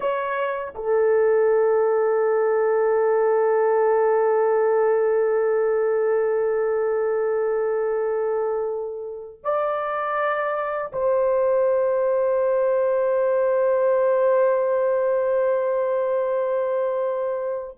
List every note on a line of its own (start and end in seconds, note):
0.00 0.73 C#5
0.74 9.43 A4
9.43 10.91 D5
10.92 17.77 C5